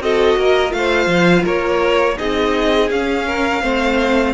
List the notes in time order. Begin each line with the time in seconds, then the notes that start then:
0.00 C4 F#4 A4 D#5
0.37 A#3 A#4
0.70 A3 F4 F5
0.78 C5
1.07 F3
1.44 A#3 A#4 C#5
2.17 C4 D#4 G#4 D#5
2.91 C#4 F5
3.27 A#4
3.62 A3 C4 C5